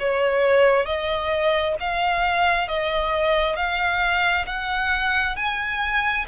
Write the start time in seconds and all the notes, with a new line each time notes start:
0.00 C#5
0.86 D#5
1.80 F5
2.69 D#5
3.56 F5
4.47 F#5
5.36 G#5